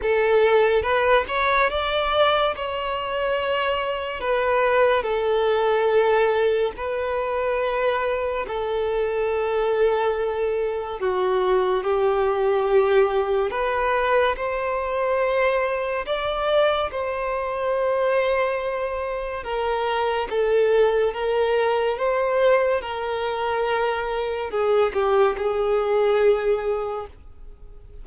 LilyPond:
\new Staff \with { instrumentName = "violin" } { \time 4/4 \tempo 4 = 71 a'4 b'8 cis''8 d''4 cis''4~ | cis''4 b'4 a'2 | b'2 a'2~ | a'4 fis'4 g'2 |
b'4 c''2 d''4 | c''2. ais'4 | a'4 ais'4 c''4 ais'4~ | ais'4 gis'8 g'8 gis'2 | }